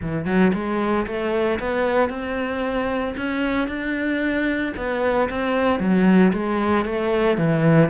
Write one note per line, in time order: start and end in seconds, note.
0.01 0.25 E3
0.25 0.51 F#3
0.53 1.06 G#3
1.06 1.59 A3
1.59 2.09 B3
2.09 3.14 C4
3.16 3.67 C#4
3.67 4.73 D4
4.76 5.29 B3
5.29 5.79 C4
5.79 6.32 F#3
6.32 6.85 G#3
6.85 7.37 A3
7.37 7.89 E3